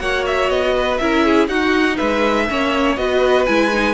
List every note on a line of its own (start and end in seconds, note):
0.00 0.49 A#3
0.00 1.00 F#4
0.00 0.75 C#5
0.00 0.25 F#5
0.27 0.51 E5
0.49 0.99 B3
0.49 0.97 D#5
0.76 1.01 B4
0.97 1.48 C#4
0.97 1.50 E4
0.97 1.26 A#4
0.97 1.47 E5
1.26 1.50 G#4
1.48 1.98 D#4
1.48 2.49 D#4
1.48 1.97 F#4
1.48 1.97 F#5
1.97 2.50 G#3
1.97 2.47 B4
1.97 2.96 E5
2.49 2.97 A#3
2.49 2.97 C#4
2.49 3.00 C#5
2.97 3.47 B3
2.97 3.47 F#4
2.97 3.95 B4
2.97 3.46 D#5
3.46 3.95 G#3
3.46 3.72 E4
3.46 3.95 G#5
3.73 3.95 D#4